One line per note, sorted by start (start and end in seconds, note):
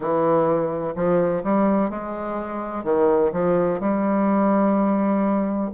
0.00 0.94 E3
0.95 1.43 F3
1.43 1.90 G3
1.90 2.84 G#3
2.84 3.31 D#3
3.32 3.80 F3
3.80 5.70 G3